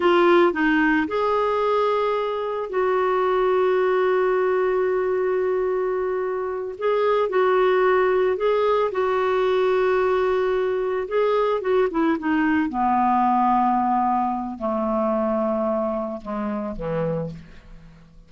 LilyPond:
\new Staff \with { instrumentName = "clarinet" } { \time 4/4 \tempo 4 = 111 f'4 dis'4 gis'2~ | gis'4 fis'2.~ | fis'1~ | fis'8 gis'4 fis'2 gis'8~ |
gis'8 fis'2.~ fis'8~ | fis'8 gis'4 fis'8 e'8 dis'4 b8~ | b2. a4~ | a2 gis4 e4 | }